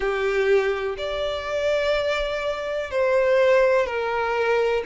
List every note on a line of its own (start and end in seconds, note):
0.00 0.96 G4
0.97 2.90 D5
2.90 3.86 C5
3.86 4.83 A#4